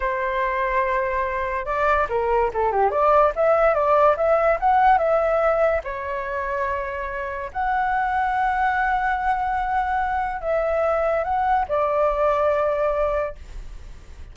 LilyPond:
\new Staff \with { instrumentName = "flute" } { \time 4/4 \tempo 4 = 144 c''1 | d''4 ais'4 a'8 g'8 d''4 | e''4 d''4 e''4 fis''4 | e''2 cis''2~ |
cis''2 fis''2~ | fis''1~ | fis''4 e''2 fis''4 | d''1 | }